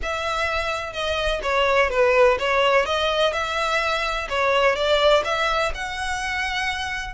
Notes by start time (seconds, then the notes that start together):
0.02 E5
0.92 D#5
1.42 C#5
1.90 B4
2.39 C#5
2.85 D#5
3.32 E5
4.29 C#5
4.75 D5
5.24 E5
5.74 F#5